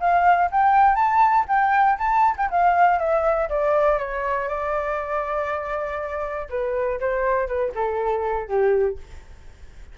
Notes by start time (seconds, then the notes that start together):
0.00 F5
0.51 G5
0.95 A5
1.48 G5
1.98 A5
2.37 G5
2.50 F5
2.99 E5
3.49 D5
3.98 C#5
4.48 D5
6.50 B4
7.00 C5
7.47 B4
7.75 A4
8.48 G4